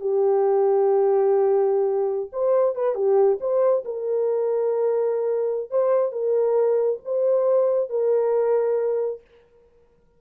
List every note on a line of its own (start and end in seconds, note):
0.00 2.30 G4
2.32 2.75 C5
2.75 2.94 B4
2.94 3.38 G4
3.40 3.84 C5
3.85 5.70 A#4
5.70 6.12 C5
6.12 6.99 A#4
7.04 7.89 C5
7.89 9.21 A#4